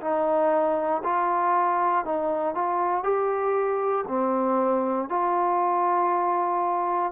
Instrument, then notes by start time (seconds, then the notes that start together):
trombone
0.00 D#4
1.04 F4
2.05 D#4
2.54 F4
3.03 G4
4.08 C4
5.08 F4